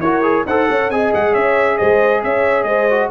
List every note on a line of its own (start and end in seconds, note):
0.00 0.44 E4
0.00 0.23 F#4
0.00 0.47 A#4
0.00 0.45 C#5
0.23 0.45 G#4
0.46 0.68 D#4
0.46 0.92 A4
0.46 0.69 C5
0.46 0.91 F#5
0.69 0.90 C#4
0.69 0.92 C#5
0.90 1.12 C4
0.90 2.91 G#4
0.90 1.33 D#5
0.90 1.13 G#5
1.15 1.35 G#3
1.15 1.35 F#5
1.33 1.80 C#4
1.33 1.77 C#5
1.33 1.78 E5
1.78 2.24 G#3
1.78 2.23 C5
1.78 2.22 D#5
2.24 2.65 C#4
2.24 2.67 C#5
2.24 2.64 E5
2.64 3.09 G#3
2.64 3.11 C5
2.64 3.08 D#5
2.91 3.12 F#4